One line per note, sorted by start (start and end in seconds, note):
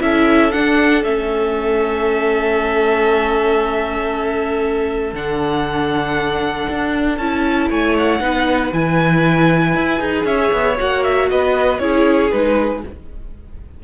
0.00 0.52 C#4
0.00 0.51 E4
0.00 7.70 A4
0.00 0.51 E5
0.51 1.03 D4
0.51 1.03 F#5
1.03 5.13 A3
1.03 5.14 C#4
1.03 5.14 E5
5.13 6.67 D3
5.13 7.20 D4
5.13 7.17 F#5
6.69 7.18 D4
7.17 7.69 C#4
7.17 8.19 E4
7.17 7.68 A5
7.70 8.20 A3
7.70 8.21 C#5
7.70 7.96 G#5
7.98 8.73 F#5
8.19 8.71 B3
8.19 8.71 D#4
8.19 10.26 B4
8.73 9.74 E3
8.73 9.98 E4
8.73 10.25 G#5
9.74 10.00 E4
9.98 10.24 D#4
9.98 10.75 G#4
10.24 10.50 C#4
10.24 11.29 C#5
10.24 10.77 E5
10.52 10.78 B3
10.77 11.31 A#3
10.77 11.79 F#4
10.77 11.04 F#5
11.04 11.29 E5
11.29 11.79 B3
11.29 11.81 B4
11.29 11.79 D#5
11.79 12.30 C#4
11.79 12.31 E4
11.79 12.83 G#4
11.79 12.30 C#5
12.31 12.83 G#3
12.31 12.83 D#4
12.31 12.82 B4